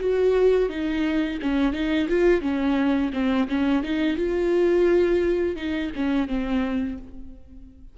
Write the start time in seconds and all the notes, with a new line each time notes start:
0.00 F#4
0.69 D#4
1.42 C#4
1.73 D#4
2.09 F4
2.42 C#4
3.14 C4
3.49 C#4
3.83 D#4
4.17 F4
5.57 D#4
5.96 C#4
6.28 C4